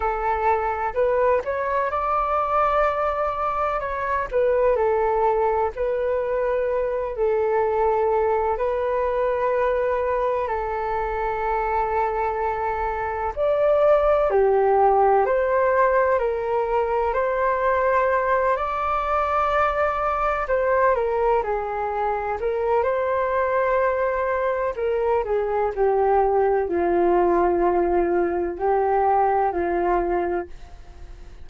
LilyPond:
\new Staff \with { instrumentName = "flute" } { \time 4/4 \tempo 4 = 63 a'4 b'8 cis''8 d''2 | cis''8 b'8 a'4 b'4. a'8~ | a'4 b'2 a'4~ | a'2 d''4 g'4 |
c''4 ais'4 c''4. d''8~ | d''4. c''8 ais'8 gis'4 ais'8 | c''2 ais'8 gis'8 g'4 | f'2 g'4 f'4 | }